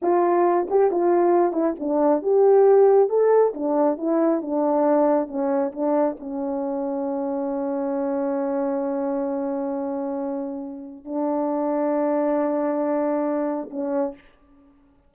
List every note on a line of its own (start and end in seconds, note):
0.02 0.68 F4
0.70 0.91 G4
0.91 1.52 F4
1.52 1.74 E4
1.79 2.22 D4
2.22 3.09 G4
3.09 3.53 A4
3.54 3.97 D4
3.97 4.41 E4
4.41 5.27 D4
5.27 5.71 C#4
5.72 6.16 D4
6.19 11.04 C#4
11.04 13.69 D4
13.70 14.14 C#4